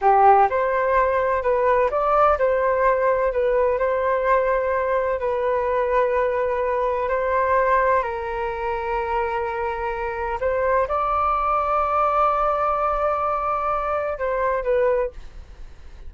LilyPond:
\new Staff \with { instrumentName = "flute" } { \time 4/4 \tempo 4 = 127 g'4 c''2 b'4 | d''4 c''2 b'4 | c''2. b'4~ | b'2. c''4~ |
c''4 ais'2.~ | ais'2 c''4 d''4~ | d''1~ | d''2 c''4 b'4 | }